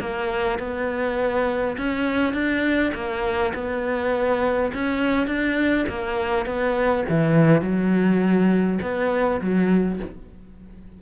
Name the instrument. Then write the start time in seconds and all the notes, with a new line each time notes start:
cello
0.00 A#3
0.59 B3
1.77 C#4
2.33 D4
2.94 A#3
3.54 B3
4.73 C#4
5.26 D4
5.88 A#3
6.46 B3
7.09 E3
7.61 F#3
8.82 B3
9.41 F#3